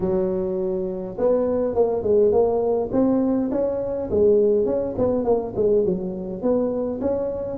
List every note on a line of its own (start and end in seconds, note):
0.00 1.17 F#3
1.18 1.74 B3
1.74 2.02 A#3
2.02 2.31 G#3
2.31 2.90 A#3
2.92 3.50 C4
3.51 4.09 C#4
4.10 4.65 G#3
4.65 4.94 C#4
4.98 5.24 B3
5.24 5.53 A#3
5.56 5.85 G#3
5.85 6.42 F#3
6.42 7.00 B3
7.00 7.57 C#4